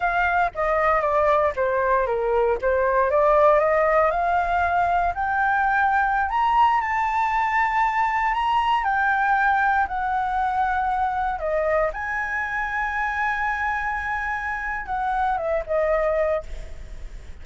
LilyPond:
\new Staff \with { instrumentName = "flute" } { \time 4/4 \tempo 4 = 117 f''4 dis''4 d''4 c''4 | ais'4 c''4 d''4 dis''4 | f''2 g''2~ | g''16 ais''4 a''2~ a''8.~ |
a''16 ais''4 g''2 fis''8.~ | fis''2~ fis''16 dis''4 gis''8.~ | gis''1~ | gis''4 fis''4 e''8 dis''4. | }